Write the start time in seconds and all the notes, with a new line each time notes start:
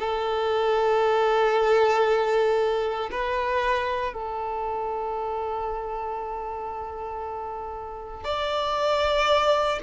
0.00 A4
3.12 B4
4.14 A4
8.25 D5